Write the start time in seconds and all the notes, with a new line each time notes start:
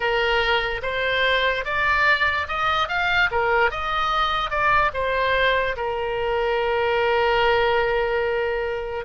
0.00 A#4
0.82 C5
1.64 D5
2.47 D#5
2.88 F5
3.31 A#4
3.70 D#5
4.50 D5
4.93 C5
5.76 A#4